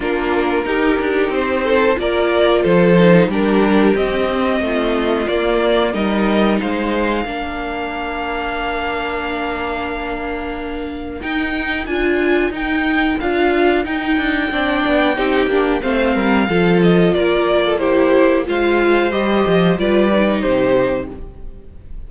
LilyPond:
<<
  \new Staff \with { instrumentName = "violin" } { \time 4/4 \tempo 4 = 91 ais'2 c''4 d''4 | c''4 ais'4 dis''2 | d''4 dis''4 f''2~ | f''1~ |
f''4 g''4 gis''4 g''4 | f''4 g''2. | f''4. dis''8 d''4 c''4 | f''4 dis''4 d''4 c''4 | }
  \new Staff \with { instrumentName = "violin" } { \time 4/4 f'4 g'4. a'8 ais'4 | a'4 g'2 f'4~ | f'4 ais'4 c''4 ais'4~ | ais'1~ |
ais'1~ | ais'2 d''4 g'4 | c''8 ais'8 a'4 ais'8. a'16 g'4 | c''2 b'4 g'4 | }
  \new Staff \with { instrumentName = "viola" } { \time 4/4 d'4 dis'2 f'4~ | f'8 dis'8 d'4 c'2 | ais4 dis'2 d'4~ | d'1~ |
d'4 dis'4 f'4 dis'4 | f'4 dis'4 d'4 dis'8 d'8 | c'4 f'2 e'4 | f'4 g'4 f'8 dis'4. | }
  \new Staff \with { instrumentName = "cello" } { \time 4/4 ais4 dis'8 d'8 c'4 ais4 | f4 g4 c'4 a4 | ais4 g4 gis4 ais4~ | ais1~ |
ais4 dis'4 d'4 dis'4 | d'4 dis'8 d'8 c'8 b8 c'8 ais8 | a8 g8 f4 ais2 | gis4 g8 f8 g4 c4 | }
>>